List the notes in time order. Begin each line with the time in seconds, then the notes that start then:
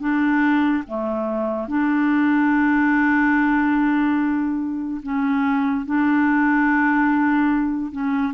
0.00 D4
0.87 A3
1.68 D4
5.03 C#4
5.86 D4
7.92 C#4